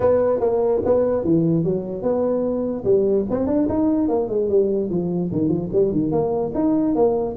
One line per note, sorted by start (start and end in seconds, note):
0.00 0.40 B3
0.40 0.81 A#3
0.85 1.24 B3
1.24 1.64 E3
1.64 2.02 F#3
2.02 2.84 B3
2.84 3.25 G3
3.29 3.46 C4
3.46 3.67 D4
3.68 4.08 D#4
4.08 4.28 A#3
4.28 4.49 G#3
4.49 4.89 G3
4.89 5.30 F3
5.32 5.48 D#3
5.48 5.69 F3
5.72 5.91 G3
5.91 6.11 D#3
6.11 6.52 A#3
6.54 6.95 D#4
6.95 7.36 A#3